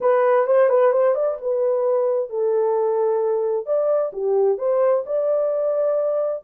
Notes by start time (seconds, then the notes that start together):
0.01 B4
0.47 C5
0.69 B4
0.92 C5
1.14 D5
1.41 B4
2.29 A4
3.66 D5
4.12 G4
4.58 C5
5.05 D5